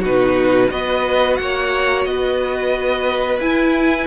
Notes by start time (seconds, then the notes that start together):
0.00 B2 D#4 F#4 B4
0.69 B3 F#4 B4 D#5
1.35 A#3 F#5
1.41 C#5
2.05 B3 B4 D#5
3.39 E4 G#5